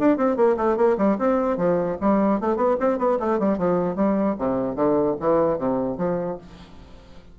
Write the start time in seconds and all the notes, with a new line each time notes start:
0.00 D4
0.18 C4
0.37 A#3
0.57 A3
0.77 A#3
0.98 G3
1.19 C4
1.58 F3
2.01 G3
2.41 A3
2.57 B3
2.80 C4
2.99 B3
3.20 A3
3.40 G3
3.59 F3
3.96 G3
4.39 C3
4.76 D3
5.21 E3
5.59 C3
5.98 F3